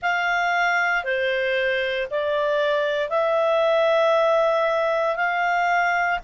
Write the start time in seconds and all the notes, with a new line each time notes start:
0.01 F5
1.03 C5
2.10 D5
3.09 E5
5.15 F5